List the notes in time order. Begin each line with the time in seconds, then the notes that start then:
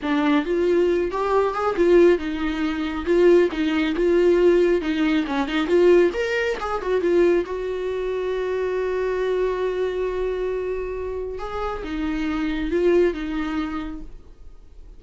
0.02 D4
0.45 F4
1.11 G4
1.53 G#4
1.76 F4
2.18 D#4
3.05 F4
3.51 D#4
3.95 F4
4.81 D#4
5.27 C#4
5.47 D#4
5.66 F4
6.13 A#4
6.60 G#4
6.81 F#4
7.01 F4
7.45 F#4
11.38 G#4
11.83 D#4
12.70 F4
13.13 D#4